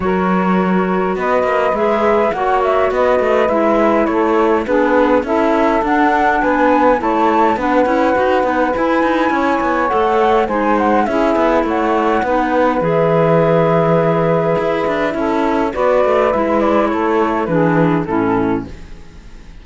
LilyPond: <<
  \new Staff \with { instrumentName = "flute" } { \time 4/4 \tempo 4 = 103 cis''2 dis''4 e''4 | fis''8 e''8 dis''4 e''4 cis''4 | b'4 e''4 fis''4 gis''4 | a''4 fis''2 gis''4~ |
gis''4 fis''4 gis''8 fis''8 e''4 | fis''2 e''2~ | e''2. d''4 | e''8 d''8 cis''4 b'4 a'4 | }
  \new Staff \with { instrumentName = "saxophone" } { \time 4/4 ais'2 b'2 | cis''4 b'2 a'4 | gis'4 a'2 b'4 | cis''4 b'2. |
cis''2 c''4 gis'4 | cis''4 b'2.~ | b'2 a'4 b'4~ | b'4 a'4 gis'4 e'4 | }
  \new Staff \with { instrumentName = "clarinet" } { \time 4/4 fis'2. gis'4 | fis'2 e'2 | d'4 e'4 d'2 | e'4 d'8 e'8 fis'8 dis'8 e'4~ |
e'4 a'4 dis'4 e'4~ | e'4 dis'4 gis'2~ | gis'2 e'4 fis'4 | e'2 d'4 cis'4 | }
  \new Staff \with { instrumentName = "cello" } { \time 4/4 fis2 b8 ais8 gis4 | ais4 b8 a8 gis4 a4 | b4 cis'4 d'4 b4 | a4 b8 cis'8 dis'8 b8 e'8 dis'8 |
cis'8 b8 a4 gis4 cis'8 b8 | a4 b4 e2~ | e4 e'8 d'8 cis'4 b8 a8 | gis4 a4 e4 a,4 | }
>>